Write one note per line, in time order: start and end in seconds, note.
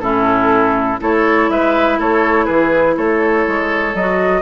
0.00 0.98 A2
0.00 1.00 C#4
0.00 1.01 E4
0.00 0.99 A4
1.00 1.50 A3
1.00 3.95 E4
1.00 1.50 A4
1.00 1.50 C#5
1.50 1.99 G#3
1.50 1.99 B4
1.50 1.99 E5
1.99 2.48 A3
1.99 2.45 A4
1.99 2.46 C#5
2.45 2.97 E3
2.45 2.95 G#4
2.45 2.95 B4
2.97 3.47 A3
2.97 4.42 A4
2.97 3.95 C#5
3.47 3.94 G#3
3.94 4.42 F#3
3.94 4.42 F#4
3.94 4.42 D#5